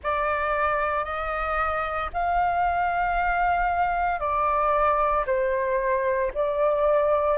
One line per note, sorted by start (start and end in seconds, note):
0.03 1.04 D5
1.04 2.10 D#5
2.13 4.19 F5
4.19 5.24 D5
5.26 6.31 C5
6.34 7.37 D5